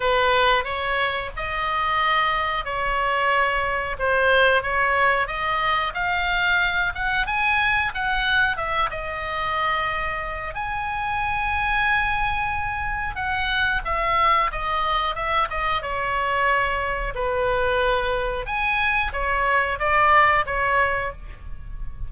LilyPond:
\new Staff \with { instrumentName = "oboe" } { \time 4/4 \tempo 4 = 91 b'4 cis''4 dis''2 | cis''2 c''4 cis''4 | dis''4 f''4. fis''8 gis''4 | fis''4 e''8 dis''2~ dis''8 |
gis''1 | fis''4 e''4 dis''4 e''8 dis''8 | cis''2 b'2 | gis''4 cis''4 d''4 cis''4 | }